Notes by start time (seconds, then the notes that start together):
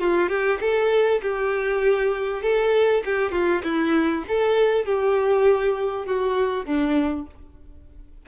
0.00 F4
0.29 G4
0.60 A4
1.22 G4
2.42 A4
3.05 G4
3.31 F4
3.63 E4
4.28 A4
4.85 G4
6.06 F#4
6.65 D4